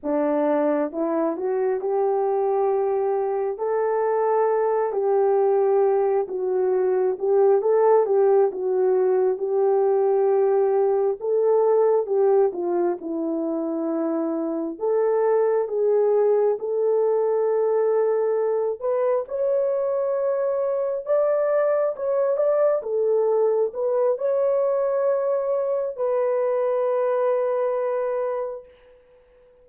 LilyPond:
\new Staff \with { instrumentName = "horn" } { \time 4/4 \tempo 4 = 67 d'4 e'8 fis'8 g'2 | a'4. g'4. fis'4 | g'8 a'8 g'8 fis'4 g'4.~ | g'8 a'4 g'8 f'8 e'4.~ |
e'8 a'4 gis'4 a'4.~ | a'4 b'8 cis''2 d''8~ | d''8 cis''8 d''8 a'4 b'8 cis''4~ | cis''4 b'2. | }